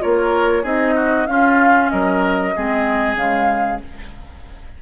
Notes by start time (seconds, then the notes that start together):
0.00 A#3 F4 A#4 C#5
0.63 C4 D#4 G#4 D#5
0.96 F#4
1.27 C#4 F4 F5
1.90 F#3 A#4 D#5
2.55 G#3 C4 G#4
3.15 C#3 G#3 F5